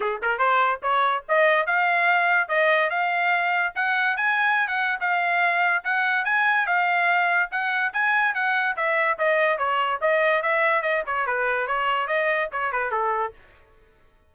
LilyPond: \new Staff \with { instrumentName = "trumpet" } { \time 4/4 \tempo 4 = 144 gis'8 ais'8 c''4 cis''4 dis''4 | f''2 dis''4 f''4~ | f''4 fis''4 gis''4~ gis''16 fis''8. | f''2 fis''4 gis''4 |
f''2 fis''4 gis''4 | fis''4 e''4 dis''4 cis''4 | dis''4 e''4 dis''8 cis''8 b'4 | cis''4 dis''4 cis''8 b'8 a'4 | }